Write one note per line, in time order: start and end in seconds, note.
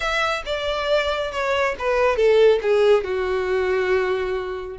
0.00 0.42 E5
0.45 1.31 D5
1.31 1.75 C#5
1.78 2.16 B4
2.16 2.59 A4
2.61 3.04 G#4
3.04 4.77 F#4